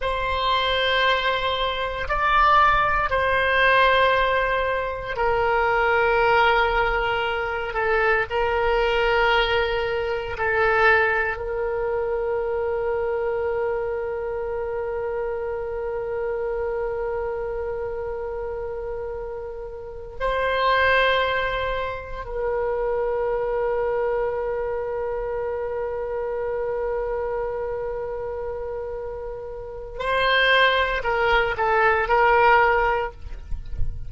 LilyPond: \new Staff \with { instrumentName = "oboe" } { \time 4/4 \tempo 4 = 58 c''2 d''4 c''4~ | c''4 ais'2~ ais'8 a'8 | ais'2 a'4 ais'4~ | ais'1~ |
ais'2.~ ais'8 c''8~ | c''4. ais'2~ ais'8~ | ais'1~ | ais'4 c''4 ais'8 a'8 ais'4 | }